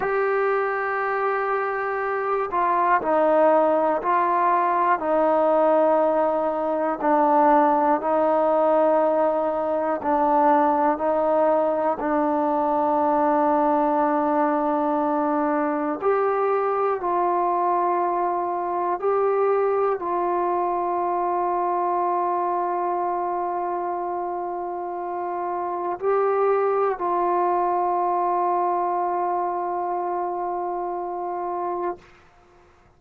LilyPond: \new Staff \with { instrumentName = "trombone" } { \time 4/4 \tempo 4 = 60 g'2~ g'8 f'8 dis'4 | f'4 dis'2 d'4 | dis'2 d'4 dis'4 | d'1 |
g'4 f'2 g'4 | f'1~ | f'2 g'4 f'4~ | f'1 | }